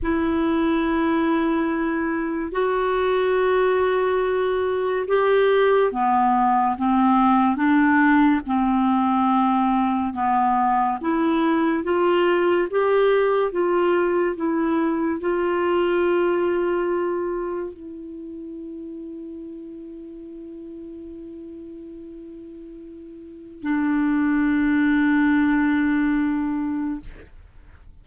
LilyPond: \new Staff \with { instrumentName = "clarinet" } { \time 4/4 \tempo 4 = 71 e'2. fis'4~ | fis'2 g'4 b4 | c'4 d'4 c'2 | b4 e'4 f'4 g'4 |
f'4 e'4 f'2~ | f'4 e'2.~ | e'1 | d'1 | }